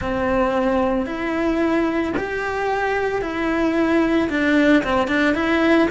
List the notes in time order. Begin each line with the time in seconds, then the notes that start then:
0.01 C4
1.06 E4
2.16 G4
3.21 E4
4.29 D4
4.83 C4
5.07 D4
5.34 E4